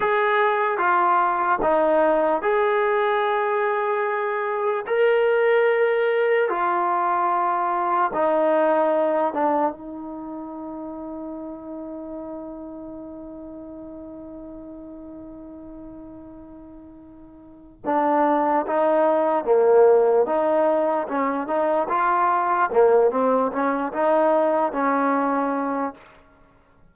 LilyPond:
\new Staff \with { instrumentName = "trombone" } { \time 4/4 \tempo 4 = 74 gis'4 f'4 dis'4 gis'4~ | gis'2 ais'2 | f'2 dis'4. d'8 | dis'1~ |
dis'1~ | dis'2 d'4 dis'4 | ais4 dis'4 cis'8 dis'8 f'4 | ais8 c'8 cis'8 dis'4 cis'4. | }